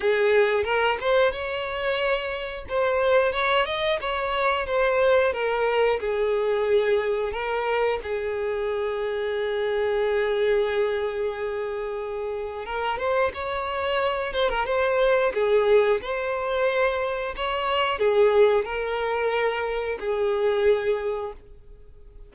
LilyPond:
\new Staff \with { instrumentName = "violin" } { \time 4/4 \tempo 4 = 90 gis'4 ais'8 c''8 cis''2 | c''4 cis''8 dis''8 cis''4 c''4 | ais'4 gis'2 ais'4 | gis'1~ |
gis'2. ais'8 c''8 | cis''4. c''16 ais'16 c''4 gis'4 | c''2 cis''4 gis'4 | ais'2 gis'2 | }